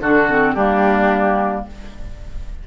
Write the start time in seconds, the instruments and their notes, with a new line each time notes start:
0.00 bassoon D3, clarinet D4, oboe F#4, flute A4
0.30 clarinet C4
0.54 bassoon G3, clarinet A#3, oboe D4, flute G4